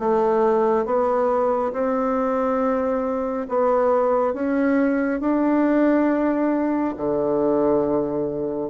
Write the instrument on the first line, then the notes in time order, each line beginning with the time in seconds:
bassoon
0.00 A3
0.86 B3
1.73 C4
3.49 B3
4.34 C#4
5.21 D4
6.98 D3